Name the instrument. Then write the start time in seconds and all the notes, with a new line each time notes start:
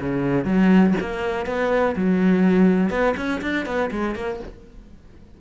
cello
0.00 C#3
0.45 F#3
1.00 A#3
1.46 B3
1.96 F#3
2.90 B3
3.17 C#4
3.42 D4
3.66 B3
3.91 G#3
4.15 A#3